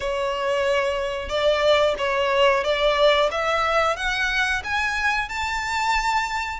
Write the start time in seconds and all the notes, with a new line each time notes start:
0.00 C#5
1.28 D5
1.98 C#5
2.63 D5
3.31 E5
3.96 F#5
4.64 G#5
5.28 A5